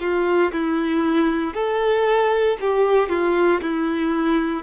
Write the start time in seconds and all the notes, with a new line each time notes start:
0.00 F4
0.52 E4
1.54 A4
2.61 G4
3.09 F4
3.62 E4